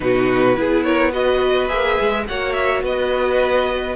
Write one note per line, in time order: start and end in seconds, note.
0.00 0.57 B2
0.00 0.56 D#4
0.00 0.58 F#4
0.00 0.83 B4
0.56 1.68 B3
0.56 1.12 E4
0.56 0.85 G#4
0.83 1.11 A#4
0.83 1.11 C#5
1.11 1.68 F#4
1.11 2.24 B4
1.11 1.68 D#5
1.68 1.97 A#3
1.68 2.25 G#4
1.68 2.25 E5
2.00 2.28 G#3
2.27 2.83 A#3
2.27 3.95 F#4
2.27 2.83 C#5
2.27 2.52 F#5
2.52 2.81 E5
2.83 3.95 B3
2.83 3.95 B4
2.83 3.95 D#5